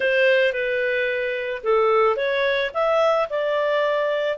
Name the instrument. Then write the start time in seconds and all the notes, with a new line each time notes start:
clarinet
0.00 C5
0.53 B4
1.63 A4
2.16 C#5
2.73 E5
3.29 D5